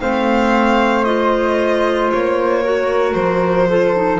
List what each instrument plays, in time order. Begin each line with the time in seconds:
0.00 double bass A3, clarinet C4, flute C5, violin F5
1.04 clarinet F4, violin D#5
2.11 double bass A#3, violin C#5
2.62 clarinet F#4, flute A#4
3.13 double bass F3, violin C5
3.68 clarinet F4, flute A4
3.96 clarinet D#4